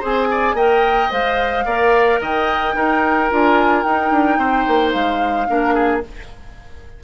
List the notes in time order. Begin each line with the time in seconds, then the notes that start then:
0.00 C4 G#4 C5 G#5
0.31 D5
0.54 A#3 A#4 D#5 G5
1.11 G#3 C5 F5
1.66 A#3 A#4 D5
2.21 D#3 D#5 G5
2.74 D#4 A#4
3.31 D4 F4 G#5
3.83 D#4 G5
4.11 D4
4.38 C4 C5
4.68 A#3
4.93 G#3 F5
5.48 A#3 D4 A#4
5.75 G#4